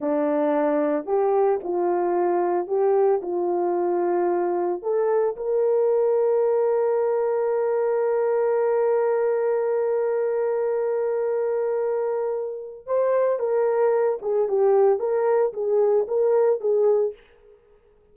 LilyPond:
\new Staff \with { instrumentName = "horn" } { \time 4/4 \tempo 4 = 112 d'2 g'4 f'4~ | f'4 g'4 f'2~ | f'4 a'4 ais'2~ | ais'1~ |
ais'1~ | ais'1 | c''4 ais'4. gis'8 g'4 | ais'4 gis'4 ais'4 gis'4 | }